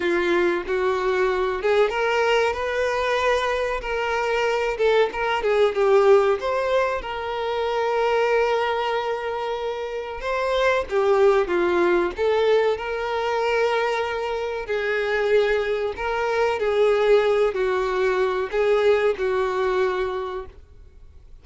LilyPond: \new Staff \with { instrumentName = "violin" } { \time 4/4 \tempo 4 = 94 f'4 fis'4. gis'8 ais'4 | b'2 ais'4. a'8 | ais'8 gis'8 g'4 c''4 ais'4~ | ais'1 |
c''4 g'4 f'4 a'4 | ais'2. gis'4~ | gis'4 ais'4 gis'4. fis'8~ | fis'4 gis'4 fis'2 | }